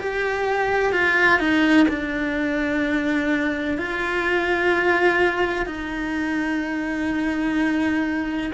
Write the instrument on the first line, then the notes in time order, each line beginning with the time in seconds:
cello
0.00 G4
0.93 F4
1.40 D#4
1.89 D4
3.78 F4
5.66 D#4